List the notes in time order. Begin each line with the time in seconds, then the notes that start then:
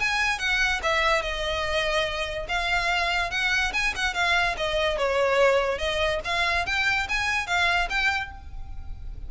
0.00 G#5
0.39 F#5
0.83 E5
1.22 D#5
2.49 F5
3.31 F#5
3.73 G#5
3.96 F#5
4.14 F5
4.58 D#5
4.98 C#5
5.79 D#5
6.25 F5
6.66 G5
7.09 G#5
7.47 F5
7.90 G5